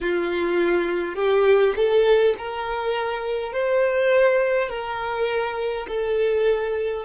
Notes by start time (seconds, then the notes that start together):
0.01 F4
1.15 G4
1.75 A4
2.38 A#4
3.52 C5
4.69 A#4
5.87 A4